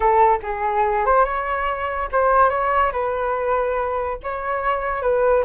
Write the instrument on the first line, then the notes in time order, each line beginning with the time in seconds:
flute
0.00 A4
0.43 G#4
1.05 C5
1.24 C#5
2.12 C5
2.49 C#5
2.92 B4
4.23 C#5
5.01 B4